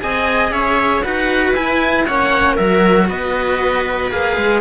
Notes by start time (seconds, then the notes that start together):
0.00 C4 G#4 D#5 G#5
0.51 C#4 C#5 E5
1.03 D#4 F#4 B4 F#5
1.52 E4 G#5
2.07 A#3 C#4 C#5 F#5
2.54 F#3 F#4 A#4 E5
3.09 B3 B4 D#5
4.12 A#3 G#4 F5
4.37 G#3